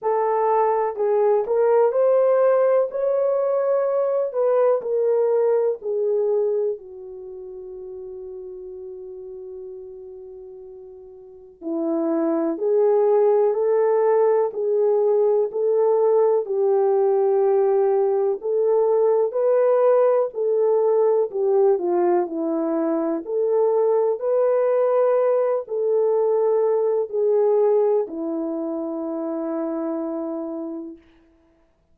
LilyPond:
\new Staff \with { instrumentName = "horn" } { \time 4/4 \tempo 4 = 62 a'4 gis'8 ais'8 c''4 cis''4~ | cis''8 b'8 ais'4 gis'4 fis'4~ | fis'1 | e'4 gis'4 a'4 gis'4 |
a'4 g'2 a'4 | b'4 a'4 g'8 f'8 e'4 | a'4 b'4. a'4. | gis'4 e'2. | }